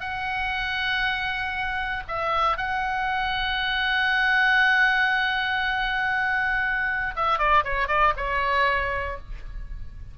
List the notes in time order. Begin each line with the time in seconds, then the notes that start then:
0.00 F#5
2.08 E5
2.57 F#5
7.16 E5
7.38 D5
7.64 C#5
7.88 D5
8.16 C#5